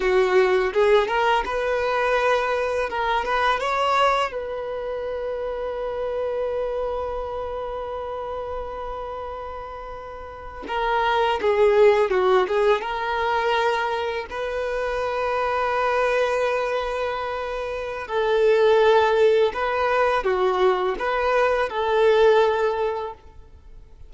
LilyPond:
\new Staff \with { instrumentName = "violin" } { \time 4/4 \tempo 4 = 83 fis'4 gis'8 ais'8 b'2 | ais'8 b'8 cis''4 b'2~ | b'1~ | b'2~ b'8. ais'4 gis'16~ |
gis'8. fis'8 gis'8 ais'2 b'16~ | b'1~ | b'4 a'2 b'4 | fis'4 b'4 a'2 | }